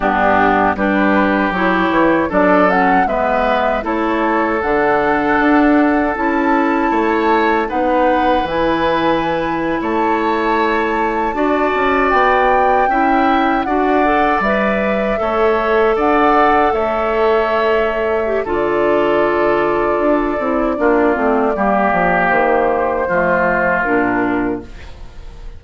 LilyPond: <<
  \new Staff \with { instrumentName = "flute" } { \time 4/4 \tempo 4 = 78 g'4 b'4 cis''4 d''8 fis''8 | e''4 cis''4 fis''2 | a''2 fis''4 gis''4~ | gis''8. a''2. g''16~ |
g''4.~ g''16 fis''4 e''4~ e''16~ | e''8. fis''4 e''2~ e''16 | d''1~ | d''4 c''2 ais'4 | }
  \new Staff \with { instrumentName = "oboe" } { \time 4/4 d'4 g'2 a'4 | b'4 a'2.~ | a'4 cis''4 b'2~ | b'8. cis''2 d''4~ d''16~ |
d''8. e''4 d''2 cis''16~ | cis''8. d''4 cis''2~ cis''16 | a'2. f'4 | g'2 f'2 | }
  \new Staff \with { instrumentName = "clarinet" } { \time 4/4 b4 d'4 e'4 d'8 cis'8 | b4 e'4 d'2 | e'2 dis'4 e'4~ | e'2~ e'8. fis'4~ fis'16~ |
fis'8. e'4 fis'8 a'8 b'4 a'16~ | a'2.~ a'8. g'16 | f'2~ f'8 e'8 d'8 c'8 | ais2 a4 d'4 | }
  \new Staff \with { instrumentName = "bassoon" } { \time 4/4 g,4 g4 fis8 e8 fis4 | gis4 a4 d4 d'4 | cis'4 a4 b4 e4~ | e8. a2 d'8 cis'8 b16~ |
b8. cis'4 d'4 g4 a16~ | a8. d'4 a2~ a16 | d2 d'8 c'8 ais8 a8 | g8 f8 dis4 f4 ais,4 | }
>>